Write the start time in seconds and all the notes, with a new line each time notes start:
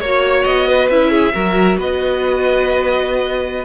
0.00 A#3 F#4 C#5
0.44 B3 D#5
0.68 B4
0.89 C#4 E4 E5
1.11 G#4
1.33 F#3 F#4 A#4
1.78 B3 B4 D#5